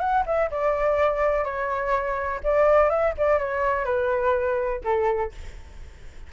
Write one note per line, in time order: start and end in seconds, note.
0.00 0.24 F#5
0.26 0.50 E5
0.51 1.45 D5
1.45 2.41 C#5
2.44 2.90 D5
2.90 3.14 E5
3.18 3.39 D5
3.39 3.86 C#5
3.86 4.82 B4
4.84 5.32 A4